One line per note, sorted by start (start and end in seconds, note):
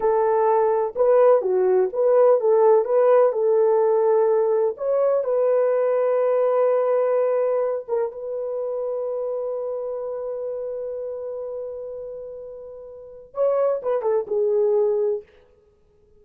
0.00 0.94 A4
0.95 1.41 B4
1.41 1.89 F#4
1.93 2.40 B4
2.40 2.84 A4
2.84 3.32 B4
3.32 4.75 A4
4.77 5.24 C#5
5.24 7.85 B4
7.88 8.11 A#4
8.11 13.33 B4
13.33 13.81 C#5
13.82 14.02 B4
14.02 14.26 A4
14.27 15.22 G#4